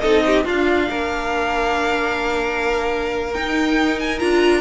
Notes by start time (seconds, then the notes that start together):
0.00 C4 D#4 A4 D#5
0.26 G4
0.45 D4 F4 F5
0.90 A#3 A#4
3.33 D#4 G5
3.99 G#5
4.19 D4 F4 A#5